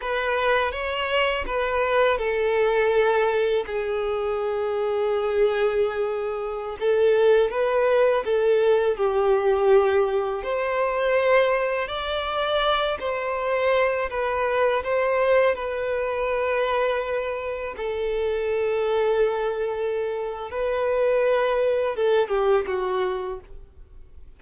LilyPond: \new Staff \with { instrumentName = "violin" } { \time 4/4 \tempo 4 = 82 b'4 cis''4 b'4 a'4~ | a'4 gis'2.~ | gis'4~ gis'16 a'4 b'4 a'8.~ | a'16 g'2 c''4.~ c''16~ |
c''16 d''4. c''4. b'8.~ | b'16 c''4 b'2~ b'8.~ | b'16 a'2.~ a'8. | b'2 a'8 g'8 fis'4 | }